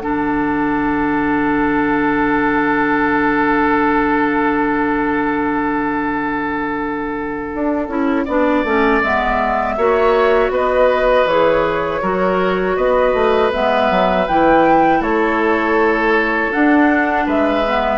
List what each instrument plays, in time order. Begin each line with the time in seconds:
0.00 bassoon D3, clarinet D4, oboe A4, flute F#5
7.55 bassoon D4
7.88 bassoon C#4, clarinet E4
8.25 bassoon B3, clarinet D4, oboe D5
8.64 bassoon A3, clarinet C#4
9.02 bassoon G#3, clarinet B3, flute E5
9.77 bassoon A#3, clarinet F#4, oboe C#5
10.49 bassoon B3, oboe B4, flute D#5
11.25 bassoon E3, clarinet G#4, flute C#5
12.01 bassoon F#3, clarinet F#4, oboe A#4
12.76 bassoon B3, oboe B4, flute D#5
13.13 bassoon A3
13.52 bassoon G#3, clarinet B3, flute E5
13.90 bassoon F#3
14.27 bassoon E3, clarinet E4, flute G5
15.00 bassoon A3, oboe A4, flute C#5
16.52 clarinet D4, bassoon D4, flute F#5
17.26 bassoon G#3, oboe B4, flute E5
17.65 clarinet B3